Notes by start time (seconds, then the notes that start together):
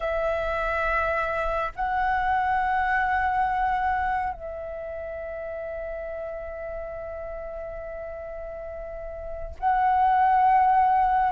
0.00 E5
1.75 F#5
4.33 E5
9.59 F#5